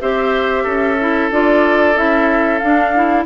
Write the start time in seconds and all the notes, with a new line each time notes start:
0.00 C4 G4 C5 E5
0.63 C#4 A4
0.99 E4
1.30 D4 F4 D5
1.95 C#4 E4 E5
2.58 D4 F5
2.94 E4